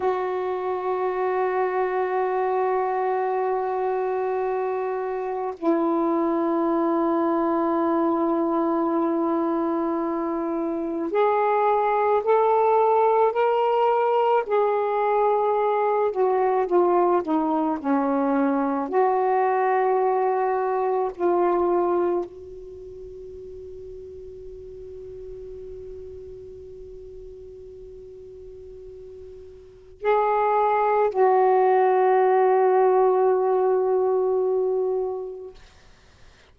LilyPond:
\new Staff \with { instrumentName = "saxophone" } { \time 4/4 \tempo 4 = 54 fis'1~ | fis'4 e'2.~ | e'2 gis'4 a'4 | ais'4 gis'4. fis'8 f'8 dis'8 |
cis'4 fis'2 f'4 | fis'1~ | fis'2. gis'4 | fis'1 | }